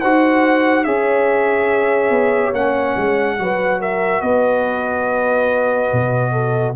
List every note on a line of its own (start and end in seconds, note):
0.00 0.86 D#4
0.00 0.85 F#4
0.00 0.85 C5
0.00 0.84 F#5
0.84 2.10 C#4
0.84 2.54 G#4
0.84 3.38 C#5
0.84 2.53 E5
2.10 2.52 B3
2.53 2.95 A#3
2.53 3.38 C#4
2.53 3.81 F#5
2.96 3.39 G#3
3.38 4.22 F#3
3.38 6.76 F#4
3.38 3.80 B4
3.80 4.21 A#4
3.80 4.21 E5
4.21 5.91 B3
4.21 6.32 B4
4.21 6.75 D#5
5.92 6.76 B2
6.32 6.74 A4